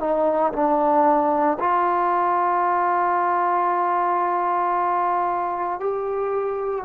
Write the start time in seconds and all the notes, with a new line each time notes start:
0.00 D#4
0.53 D4
1.60 F4
5.80 G4